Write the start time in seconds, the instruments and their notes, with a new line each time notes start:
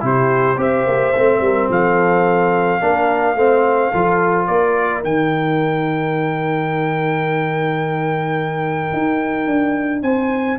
0.00 tuba C3, trombone E4, horn G4, trumpet C5
0.56 tuba C4, trombone G4, horn C5, trumpet E5
0.86 tuba A#3
1.15 tuba A3, trombone C4
1.40 tuba G3, horn A#4
1.69 tuba F3, horn A4, trumpet F5
2.80 tuba A#3, trombone D4, horn A#4
3.35 tuba A3, trombone C4, horn C5
3.91 tuba F3, trombone F4, horn A4
4.46 tuba A#3, horn A#4, trumpet D5
5.03 tuba D#3, trombone D#4, trumpet G5
8.92 tuba D#4
9.47 tuba D4
10.02 tuba C4, horn C5, trumpet G#5